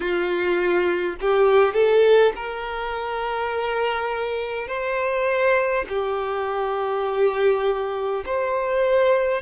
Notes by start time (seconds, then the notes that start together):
0.00 F4
1.20 G4
1.73 A4
2.35 A#4
4.67 C5
5.88 G4
8.25 C5